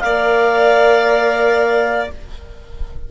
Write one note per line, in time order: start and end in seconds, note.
0.00 2.10 A#3
0.00 2.09 A#4
0.00 2.11 D5
0.00 2.07 F5